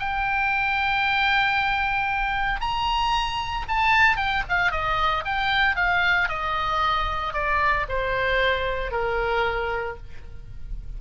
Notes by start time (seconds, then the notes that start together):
0.00 G5
2.61 A#5
3.69 A5
4.17 G5
4.50 F5
4.72 D#5
5.25 G5
5.76 F5
6.29 D#5
7.34 D5
7.89 C5
8.92 A#4